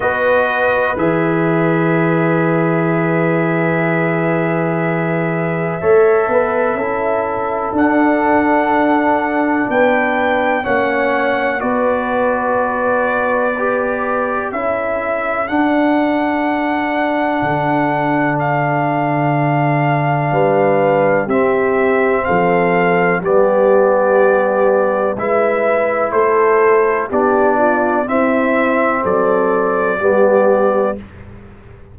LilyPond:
<<
  \new Staff \with { instrumentName = "trumpet" } { \time 4/4 \tempo 4 = 62 dis''4 e''2.~ | e''1 | fis''2 g''4 fis''4 | d''2. e''4 |
fis''2. f''4~ | f''2 e''4 f''4 | d''2 e''4 c''4 | d''4 e''4 d''2 | }
  \new Staff \with { instrumentName = "horn" } { \time 4/4 b'1~ | b'2 cis''8 b'8 a'4~ | a'2 b'4 cis''4 | b'2. a'4~ |
a'1~ | a'4 b'4 g'4 a'4 | g'2 b'4 a'4 | g'8 f'8 e'4 a'4 g'4 | }
  \new Staff \with { instrumentName = "trombone" } { \time 4/4 fis'4 gis'2.~ | gis'2 a'4 e'4 | d'2. cis'4 | fis'2 g'4 e'4 |
d'1~ | d'2 c'2 | b2 e'2 | d'4 c'2 b4 | }
  \new Staff \with { instrumentName = "tuba" } { \time 4/4 b4 e2.~ | e2 a8 b8 cis'4 | d'2 b4 ais4 | b2. cis'4 |
d'2 d2~ | d4 g4 c'4 f4 | g2 gis4 a4 | b4 c'4 fis4 g4 | }
>>